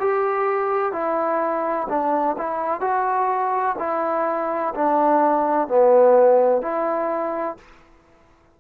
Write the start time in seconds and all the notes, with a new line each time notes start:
0.00 G4
0.92 E4
1.88 D4
2.38 E4
2.81 F#4
3.78 E4
4.74 D4
5.68 B3
6.61 E4